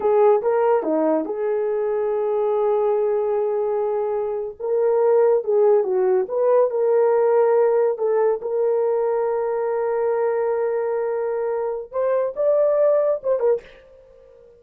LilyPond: \new Staff \with { instrumentName = "horn" } { \time 4/4 \tempo 4 = 141 gis'4 ais'4 dis'4 gis'4~ | gis'1~ | gis'2~ gis'8. ais'4~ ais'16~ | ais'8. gis'4 fis'4 b'4 ais'16~ |
ais'2~ ais'8. a'4 ais'16~ | ais'1~ | ais'1 | c''4 d''2 c''8 ais'8 | }